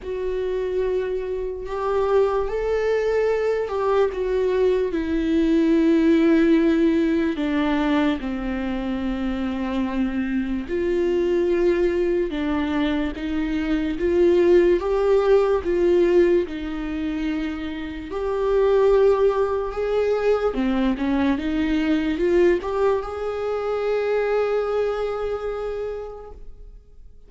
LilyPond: \new Staff \with { instrumentName = "viola" } { \time 4/4 \tempo 4 = 73 fis'2 g'4 a'4~ | a'8 g'8 fis'4 e'2~ | e'4 d'4 c'2~ | c'4 f'2 d'4 |
dis'4 f'4 g'4 f'4 | dis'2 g'2 | gis'4 c'8 cis'8 dis'4 f'8 g'8 | gis'1 | }